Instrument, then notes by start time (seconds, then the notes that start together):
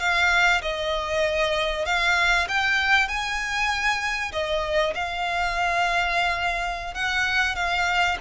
violin
0.00 F5
0.62 D#5
1.86 F5
2.49 G5
3.08 G#5
4.32 D#5
4.95 F5
6.94 F#5
7.56 F5